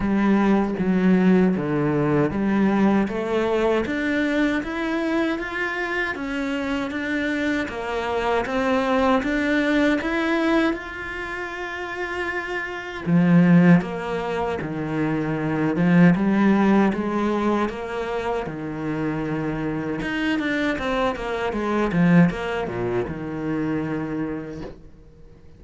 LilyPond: \new Staff \with { instrumentName = "cello" } { \time 4/4 \tempo 4 = 78 g4 fis4 d4 g4 | a4 d'4 e'4 f'4 | cis'4 d'4 ais4 c'4 | d'4 e'4 f'2~ |
f'4 f4 ais4 dis4~ | dis8 f8 g4 gis4 ais4 | dis2 dis'8 d'8 c'8 ais8 | gis8 f8 ais8 ais,8 dis2 | }